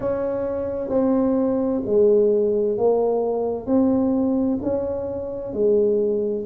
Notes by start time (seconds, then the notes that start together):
0.00 C#4
0.89 C4
1.85 G#3
2.77 A#3
3.66 C4
4.62 C#4
5.53 G#3